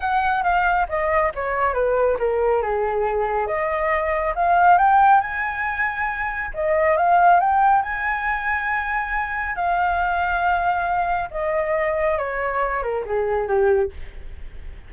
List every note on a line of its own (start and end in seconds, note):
0.00 0.43 F#5
0.43 0.86 F5
0.88 1.32 D#5
1.34 1.73 C#5
1.73 2.17 B4
2.18 2.62 A#4
2.62 3.46 G#4
3.46 4.33 D#5
4.35 4.78 F5
4.78 5.21 G5
5.21 6.51 G#5
6.54 6.96 D#5
6.96 7.40 F5
7.40 7.82 G5
7.82 9.55 G#5
9.55 11.29 F5
11.30 12.17 D#5
12.18 12.82 C#5
12.82 13.04 A#4
13.05 13.47 G#4
13.47 13.91 G4